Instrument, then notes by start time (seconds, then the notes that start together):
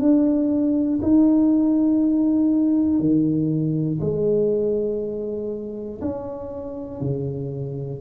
tuba
0.00 D4
1.02 D#4
3.00 D#3
4.01 G#3
6.02 C#4
7.01 C#3